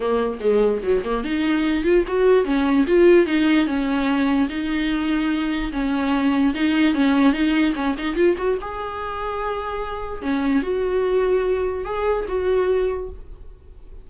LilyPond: \new Staff \with { instrumentName = "viola" } { \time 4/4 \tempo 4 = 147 ais4 gis4 fis8 ais8 dis'4~ | dis'8 f'8 fis'4 cis'4 f'4 | dis'4 cis'2 dis'4~ | dis'2 cis'2 |
dis'4 cis'4 dis'4 cis'8 dis'8 | f'8 fis'8 gis'2.~ | gis'4 cis'4 fis'2~ | fis'4 gis'4 fis'2 | }